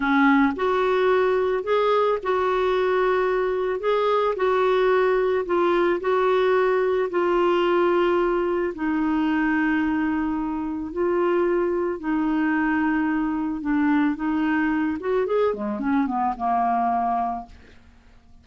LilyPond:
\new Staff \with { instrumentName = "clarinet" } { \time 4/4 \tempo 4 = 110 cis'4 fis'2 gis'4 | fis'2. gis'4 | fis'2 f'4 fis'4~ | fis'4 f'2. |
dis'1 | f'2 dis'2~ | dis'4 d'4 dis'4. fis'8 | gis'8 gis8 cis'8 b8 ais2 | }